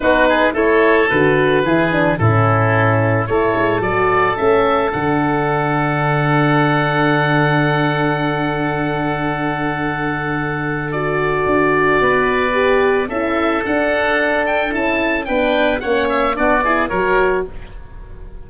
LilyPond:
<<
  \new Staff \with { instrumentName = "oboe" } { \time 4/4 \tempo 4 = 110 b'4 cis''4 b'2 | a'2 cis''4 d''4 | e''4 fis''2.~ | fis''1~ |
fis''1 | d''1 | e''4 fis''4. g''8 a''4 | g''4 fis''8 e''8 d''4 cis''4 | }
  \new Staff \with { instrumentName = "oboe" } { \time 4/4 fis'8 gis'8 a'2 gis'4 | e'2 a'2~ | a'1~ | a'1~ |
a'1~ | a'2 b'2 | a'1 | b'4 cis''4 fis'8 gis'8 ais'4 | }
  \new Staff \with { instrumentName = "horn" } { \time 4/4 dis'4 e'4 fis'4 e'8 d'8 | cis'2 e'4 fis'4 | cis'4 d'2.~ | d'1~ |
d'1 | fis'2. g'4 | e'4 d'2 e'4 | d'4 cis'4 d'8 e'8 fis'4 | }
  \new Staff \with { instrumentName = "tuba" } { \time 4/4 b4 a4 d4 e4 | a,2 a8 gis8 fis4 | a4 d2.~ | d1~ |
d1~ | d4 d'4 b2 | cis'4 d'2 cis'4 | b4 ais4 b4 fis4 | }
>>